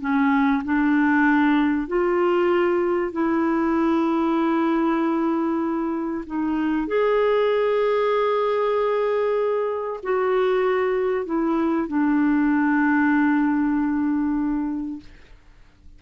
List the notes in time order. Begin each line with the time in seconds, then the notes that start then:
0.00 C#4
0.64 D4
1.88 F4
3.12 E4
6.26 D#4
6.88 G#4
10.03 F#4
11.26 E4
11.88 D4